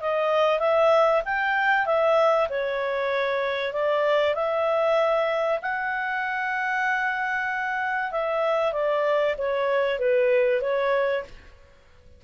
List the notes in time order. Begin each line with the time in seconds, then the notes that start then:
0.00 D#5
0.59 E5
1.25 G5
1.86 E5
2.49 C#5
3.73 D5
4.34 E5
5.62 F#5
8.11 E5
8.73 D5
9.38 C#5
9.99 B4
10.61 C#5